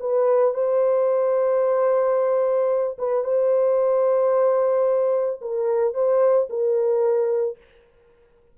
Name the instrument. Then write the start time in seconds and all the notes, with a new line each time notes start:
horn
0.00 B4
0.54 C5
2.98 B4
3.24 C5
5.41 A#4
5.94 C5
6.49 A#4